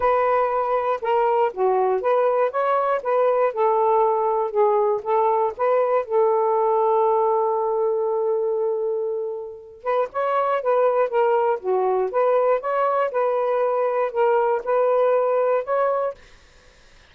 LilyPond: \new Staff \with { instrumentName = "saxophone" } { \time 4/4 \tempo 4 = 119 b'2 ais'4 fis'4 | b'4 cis''4 b'4 a'4~ | a'4 gis'4 a'4 b'4 | a'1~ |
a'2.~ a'8 b'8 | cis''4 b'4 ais'4 fis'4 | b'4 cis''4 b'2 | ais'4 b'2 cis''4 | }